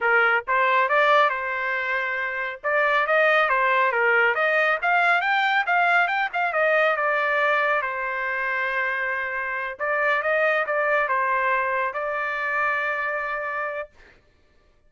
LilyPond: \new Staff \with { instrumentName = "trumpet" } { \time 4/4 \tempo 4 = 138 ais'4 c''4 d''4 c''4~ | c''2 d''4 dis''4 | c''4 ais'4 dis''4 f''4 | g''4 f''4 g''8 f''8 dis''4 |
d''2 c''2~ | c''2~ c''8 d''4 dis''8~ | dis''8 d''4 c''2 d''8~ | d''1 | }